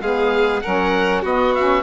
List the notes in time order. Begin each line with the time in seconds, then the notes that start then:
0.00 G#3 B3 G#4 F5
0.60 F#3 C#4 A#4 F#5
1.21 B3 F#4 D#5
1.54 C#4 E5